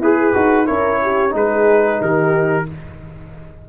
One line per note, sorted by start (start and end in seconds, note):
0.00 0.33 E4
0.00 0.67 G#4
0.00 0.34 G#4
0.00 0.66 B4
0.34 0.69 D#4
0.34 0.66 F#4
0.66 1.34 C#4
0.66 1.30 E4
0.66 1.00 A#4
0.66 1.33 C#5
1.02 1.34 G4
1.30 2.00 G#3
1.30 2.64 D#4
1.30 2.01 G#4
1.36 2.02 B4
2.01 2.67 D#3
2.01 2.67 G4
2.01 2.69 A#4